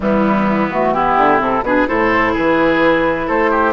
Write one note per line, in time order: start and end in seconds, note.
0.00 1.17 E3
0.00 0.69 G3
0.00 0.94 B3
0.00 0.71 E4
0.71 0.94 A3
0.71 0.93 F#4
0.93 1.38 B3
0.93 1.64 E4
0.93 1.40 G4
1.17 1.40 D3
1.38 1.62 C3
1.38 1.62 C4
1.38 1.63 A4
1.62 1.85 B2
1.62 1.87 D4
1.62 1.88 G#4
1.62 1.87 B4
1.87 2.36 A2
1.87 3.73 E4
1.87 2.32 A4
1.87 2.34 C5
2.32 3.29 E3
2.32 3.26 G#4
2.32 3.28 B4
3.27 3.73 A3
3.27 3.50 A4
3.27 3.73 C5
3.50 3.73 G4